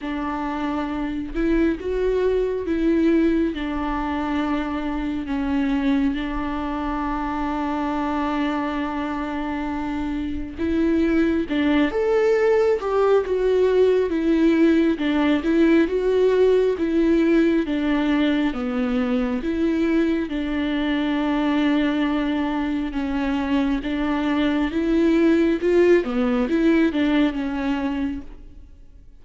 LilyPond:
\new Staff \with { instrumentName = "viola" } { \time 4/4 \tempo 4 = 68 d'4. e'8 fis'4 e'4 | d'2 cis'4 d'4~ | d'1 | e'4 d'8 a'4 g'8 fis'4 |
e'4 d'8 e'8 fis'4 e'4 | d'4 b4 e'4 d'4~ | d'2 cis'4 d'4 | e'4 f'8 b8 e'8 d'8 cis'4 | }